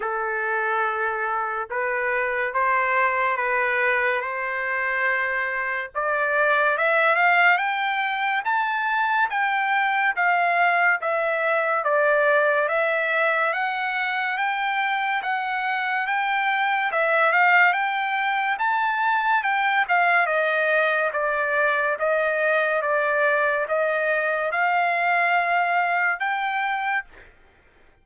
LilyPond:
\new Staff \with { instrumentName = "trumpet" } { \time 4/4 \tempo 4 = 71 a'2 b'4 c''4 | b'4 c''2 d''4 | e''8 f''8 g''4 a''4 g''4 | f''4 e''4 d''4 e''4 |
fis''4 g''4 fis''4 g''4 | e''8 f''8 g''4 a''4 g''8 f''8 | dis''4 d''4 dis''4 d''4 | dis''4 f''2 g''4 | }